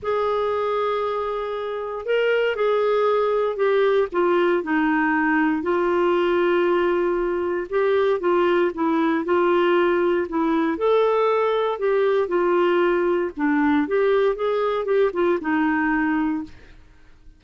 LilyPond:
\new Staff \with { instrumentName = "clarinet" } { \time 4/4 \tempo 4 = 117 gis'1 | ais'4 gis'2 g'4 | f'4 dis'2 f'4~ | f'2. g'4 |
f'4 e'4 f'2 | e'4 a'2 g'4 | f'2 d'4 g'4 | gis'4 g'8 f'8 dis'2 | }